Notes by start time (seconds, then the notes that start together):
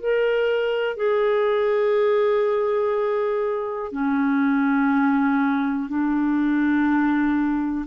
0.00 A#4
0.97 G#4
3.92 C#4
5.89 D4